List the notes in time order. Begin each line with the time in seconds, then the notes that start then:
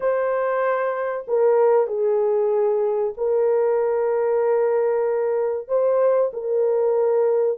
0.00 C5
1.27 A#4
1.87 G#4
3.17 A#4
5.68 C5
6.33 A#4